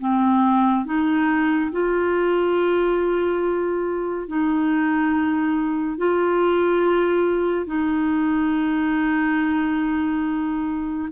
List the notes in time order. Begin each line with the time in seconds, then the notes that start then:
0.00 C4
0.86 D#4
1.72 F4
4.28 D#4
5.98 F4
7.66 D#4